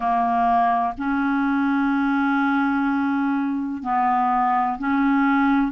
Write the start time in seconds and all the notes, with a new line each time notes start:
0.00 A#3
0.97 C#4
3.82 B3
4.78 C#4